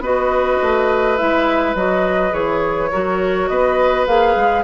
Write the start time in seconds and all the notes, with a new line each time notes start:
0.00 B3 F#4 B4 D#5
0.62 A3
1.18 G#3 E4 E5
1.75 F#3 F#4 D#5
2.31 E3 G#4 C#5
2.92 F#3 F#4 A#4
3.48 B3 B4 D#5
4.07 A#3 G#4 F5
4.36 G#3